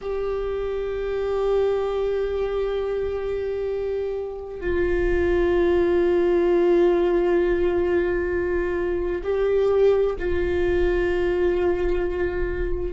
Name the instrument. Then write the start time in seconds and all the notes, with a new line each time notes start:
viola
0.01 G4
4.60 F4
9.23 G4
10.18 F4